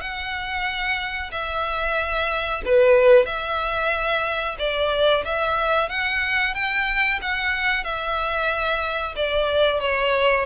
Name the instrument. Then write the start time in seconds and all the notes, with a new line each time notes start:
violin
0.00 F#5
1.31 E5
2.65 B4
3.25 E5
4.58 D5
5.24 E5
5.89 F#5
6.54 G5
7.21 F#5
7.84 E5
9.16 D5
9.80 C#5